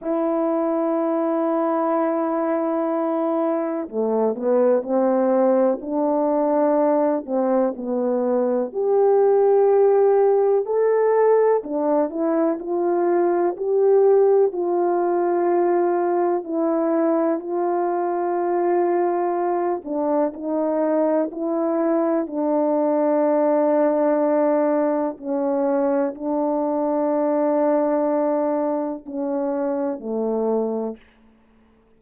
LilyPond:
\new Staff \with { instrumentName = "horn" } { \time 4/4 \tempo 4 = 62 e'1 | a8 b8 c'4 d'4. c'8 | b4 g'2 a'4 | d'8 e'8 f'4 g'4 f'4~ |
f'4 e'4 f'2~ | f'8 d'8 dis'4 e'4 d'4~ | d'2 cis'4 d'4~ | d'2 cis'4 a4 | }